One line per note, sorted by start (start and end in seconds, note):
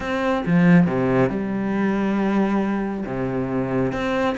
0.00 0.44 C4
0.45 0.86 F3
0.86 1.29 C3
1.29 3.04 G3
3.06 3.92 C3
3.92 4.36 C4